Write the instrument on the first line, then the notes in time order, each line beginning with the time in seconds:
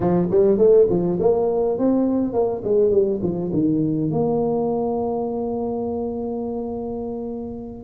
tuba
0.00 F3
0.30 G3
0.58 A3
0.89 F3
1.20 A#3
1.78 C4
2.33 A#3
2.63 G#3
2.90 G3
3.22 F3
3.53 D#3
4.10 A#3